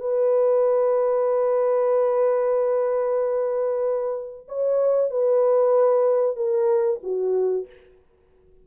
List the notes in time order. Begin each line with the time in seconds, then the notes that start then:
0.00 B4
4.48 C#5
5.11 B4
6.36 A#4
7.03 F#4